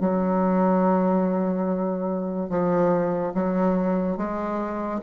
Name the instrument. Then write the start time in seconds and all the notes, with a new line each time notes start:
bassoon
0.00 F#3
2.50 F3
3.34 F#3
4.17 G#3